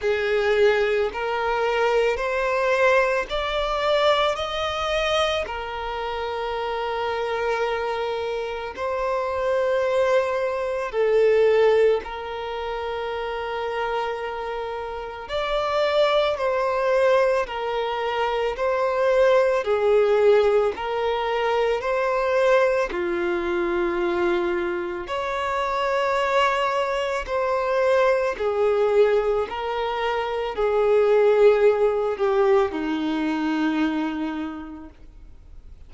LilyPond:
\new Staff \with { instrumentName = "violin" } { \time 4/4 \tempo 4 = 55 gis'4 ais'4 c''4 d''4 | dis''4 ais'2. | c''2 a'4 ais'4~ | ais'2 d''4 c''4 |
ais'4 c''4 gis'4 ais'4 | c''4 f'2 cis''4~ | cis''4 c''4 gis'4 ais'4 | gis'4. g'8 dis'2 | }